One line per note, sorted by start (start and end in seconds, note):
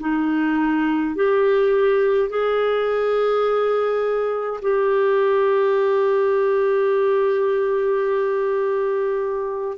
0.00 1.15 D#4
1.15 2.29 G4
2.29 4.60 G#4
4.62 9.78 G4